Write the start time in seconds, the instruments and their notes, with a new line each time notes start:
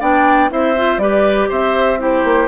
0.00 bassoon B3, clarinet D4, oboe D5, flute G5
0.49 bassoon C4, clarinet E4, oboe C5, flute E5
0.77 clarinet F4
0.97 bassoon G3, clarinet G4, oboe B4, flute D5
1.49 bassoon C4, oboe C5, flute E5
1.98 clarinet E4, oboe G4, flute C5
2.24 bassoon A#3